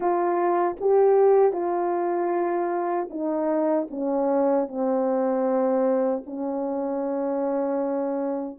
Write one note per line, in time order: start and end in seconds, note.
0.00 0.76 F4
0.80 1.52 G4
1.52 3.08 F4
3.10 3.87 D#4
3.90 4.68 C#4
4.68 6.23 C4
6.26 8.59 C#4